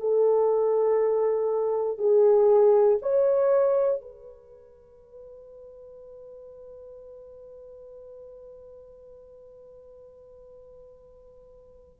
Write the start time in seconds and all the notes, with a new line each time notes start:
0.00 A4
1.97 G#4
3.02 C#5
4.00 B4